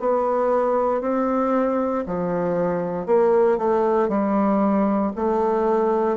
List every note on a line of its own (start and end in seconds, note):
0.00 1.01 B3
1.01 2.05 C4
2.06 3.07 F3
3.07 3.58 A#3
3.58 4.09 A3
4.09 5.12 G3
5.16 6.17 A3